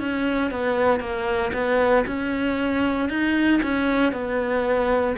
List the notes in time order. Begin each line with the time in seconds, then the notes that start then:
0.00 C#4
0.51 B3
1.00 A#3
1.53 B3
2.07 C#4
3.09 D#4
3.63 C#4
4.13 B3